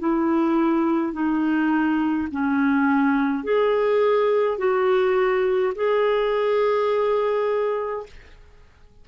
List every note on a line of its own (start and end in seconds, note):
0.00 1.13 E4
1.13 2.29 D#4
2.32 3.44 C#4
3.44 4.58 G#4
4.58 5.74 F#4
5.76 8.07 G#4